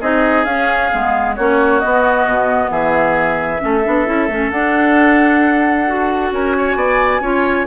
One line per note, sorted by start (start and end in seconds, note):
0.00 0.45 C4
0.00 0.46 D#4
0.00 1.35 G#4
0.00 0.44 D#5
0.44 0.90 C#4
0.44 0.91 C#4
0.44 1.34 F5
0.91 1.37 G#3
0.91 1.36 B3
1.35 1.83 A#3
1.35 1.82 C#4
1.35 2.70 F#4
1.35 1.79 C#5
1.79 3.58 B3
1.79 2.25 B3
1.79 2.69 D#5
2.25 2.70 B2
2.70 3.60 E3
2.70 3.61 G#4
2.70 4.51 E5
3.58 3.86 A3
3.58 3.81 C#4
3.58 6.33 A4
3.84 4.07 B3
3.84 4.05 D4
4.05 4.27 C#4
4.05 4.28 E4
4.27 4.50 A3
4.27 4.51 C#4
4.50 6.31 D4
4.50 5.86 D4
4.50 6.31 F#5
5.87 7.22 F#4
6.31 6.75 C#4
6.31 6.56 A#4
6.31 7.66 G#5
6.57 6.76 C#5
6.75 7.20 B3
6.75 7.21 D5
7.20 7.65 C#4
7.20 7.66 F4
7.20 7.66 C#5